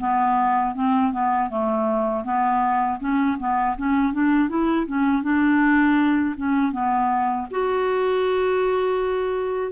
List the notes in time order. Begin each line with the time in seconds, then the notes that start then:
0.00 B3
0.75 C4
1.12 B3
1.50 A3
2.25 B3
3.00 C#4
3.39 B3
3.78 C#4
4.14 D4
4.49 E4
4.87 C#4
5.23 D4
6.37 C#4
6.72 B3
7.51 F#4